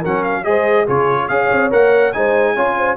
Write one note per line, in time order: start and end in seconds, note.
0.00 0.45 F#3
0.00 0.44 C#4
0.00 0.42 A#4
0.00 0.24 F#5
0.24 0.44 F5
0.44 0.87 G#3
0.44 0.86 G#4
0.44 0.86 C5
0.44 0.86 D#5
0.86 1.29 C#3
0.86 1.29 F4
0.86 1.28 G#4
0.86 1.28 C#5
1.28 1.50 C#4
1.28 1.71 G#4
1.28 2.16 C#5
1.28 1.70 F5
1.51 1.72 C4
1.71 2.15 A#3
1.71 2.13 A#4
1.71 2.12 F#5
2.12 2.57 G#3
2.12 2.56 D#4
2.12 2.55 C5
2.12 2.97 G#5
2.55 2.97 C#4
2.55 2.97 F4
2.55 2.76 C#5
2.77 2.97 C5